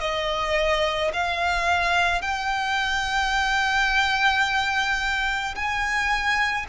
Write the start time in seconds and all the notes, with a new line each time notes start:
0.00 D#5
1.14 F5
2.22 G5
5.55 G#5